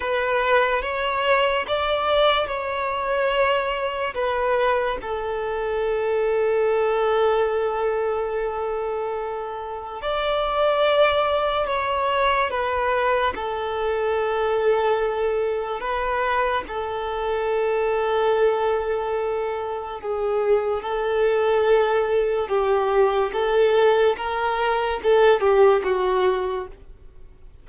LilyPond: \new Staff \with { instrumentName = "violin" } { \time 4/4 \tempo 4 = 72 b'4 cis''4 d''4 cis''4~ | cis''4 b'4 a'2~ | a'1 | d''2 cis''4 b'4 |
a'2. b'4 | a'1 | gis'4 a'2 g'4 | a'4 ais'4 a'8 g'8 fis'4 | }